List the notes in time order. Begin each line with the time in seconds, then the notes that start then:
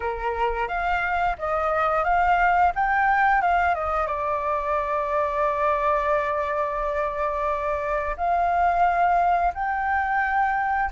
0.00 A#4
0.68 F5
1.38 D#5
2.04 F5
2.75 G5
3.41 F5
3.74 D#5
4.06 D5
8.16 F5
9.54 G5